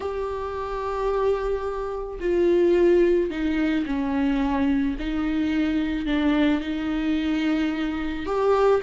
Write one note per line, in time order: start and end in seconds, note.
0.00 2.19 G4
2.20 3.30 F4
3.30 3.85 D#4
3.86 4.96 C#4
4.99 6.06 D#4
6.06 6.61 D4
6.61 8.26 D#4
8.26 8.81 G4